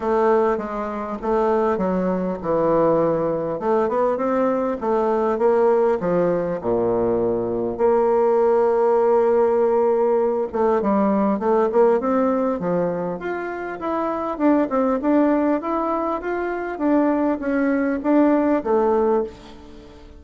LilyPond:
\new Staff \with { instrumentName = "bassoon" } { \time 4/4 \tempo 4 = 100 a4 gis4 a4 fis4 | e2 a8 b8 c'4 | a4 ais4 f4 ais,4~ | ais,4 ais2.~ |
ais4. a8 g4 a8 ais8 | c'4 f4 f'4 e'4 | d'8 c'8 d'4 e'4 f'4 | d'4 cis'4 d'4 a4 | }